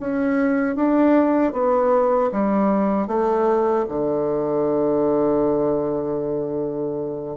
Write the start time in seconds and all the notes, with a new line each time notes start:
0.00 C#4
0.76 D4
1.53 B3
2.32 G3
3.07 A3
3.89 D3